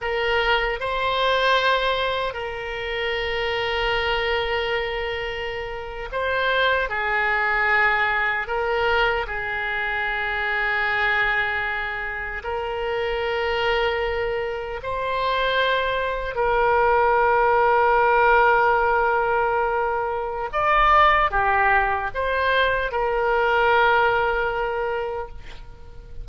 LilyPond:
\new Staff \with { instrumentName = "oboe" } { \time 4/4 \tempo 4 = 76 ais'4 c''2 ais'4~ | ais'2.~ ais'8. c''16~ | c''8. gis'2 ais'4 gis'16~ | gis'2.~ gis'8. ais'16~ |
ais'2~ ais'8. c''4~ c''16~ | c''8. ais'2.~ ais'16~ | ais'2 d''4 g'4 | c''4 ais'2. | }